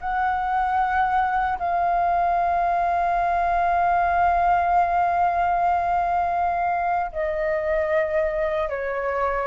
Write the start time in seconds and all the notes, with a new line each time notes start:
0.00 F#5
1.59 F5
7.12 D#5
8.69 C#5